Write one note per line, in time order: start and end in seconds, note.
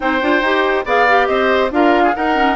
0.00 0.22 C4
0.00 0.21 D#4
0.00 0.85 C5
0.00 0.85 G5
0.21 0.41 D4
0.21 0.42 F4
0.41 0.84 D#4
0.41 0.85 G4
0.85 1.28 B3
0.85 1.07 G#4
0.85 1.28 D5
0.85 1.26 F5
1.08 1.71 G4
1.26 1.71 C4
1.26 1.71 C5
1.26 1.69 D#5
1.71 2.14 D4
1.71 2.14 F4
1.71 2.03 A#4
1.71 2.15 F5
2.03 2.14 G#4
2.14 2.34 D#4
2.14 2.55 D#4
2.14 2.55 A#4
2.14 2.55 F#5
2.34 2.55 C#4